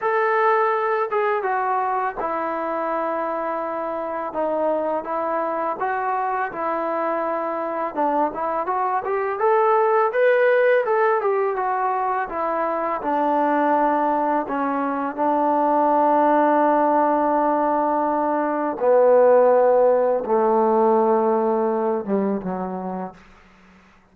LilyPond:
\new Staff \with { instrumentName = "trombone" } { \time 4/4 \tempo 4 = 83 a'4. gis'8 fis'4 e'4~ | e'2 dis'4 e'4 | fis'4 e'2 d'8 e'8 | fis'8 g'8 a'4 b'4 a'8 g'8 |
fis'4 e'4 d'2 | cis'4 d'2.~ | d'2 b2 | a2~ a8 g8 fis4 | }